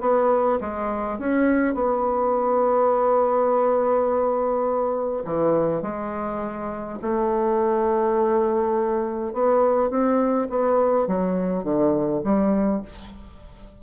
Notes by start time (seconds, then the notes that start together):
0.00 B3
0.60 G#3
1.19 C#4
1.74 B3
5.25 E3
5.82 G#3
7.01 A3
9.33 B3
9.89 C4
10.49 B3
11.07 F#3
11.63 D3
12.23 G3